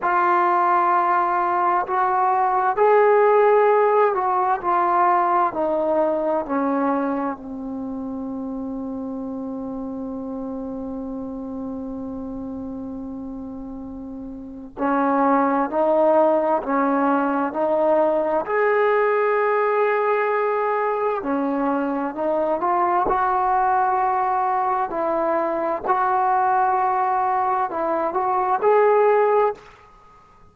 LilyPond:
\new Staff \with { instrumentName = "trombone" } { \time 4/4 \tempo 4 = 65 f'2 fis'4 gis'4~ | gis'8 fis'8 f'4 dis'4 cis'4 | c'1~ | c'1 |
cis'4 dis'4 cis'4 dis'4 | gis'2. cis'4 | dis'8 f'8 fis'2 e'4 | fis'2 e'8 fis'8 gis'4 | }